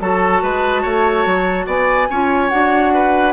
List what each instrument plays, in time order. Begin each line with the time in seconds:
0.00 bassoon F#3, clarinet F#4, oboe A4, flute A5
0.42 bassoon G#3, oboe B4
0.82 bassoon A3, oboe C#5
1.26 bassoon F#3
1.66 bassoon B3, oboe D5, flute G#5
2.10 bassoon C#4, clarinet F4, oboe C#5
2.49 bassoon D4, clarinet F#4, flute F#5
2.94 oboe B4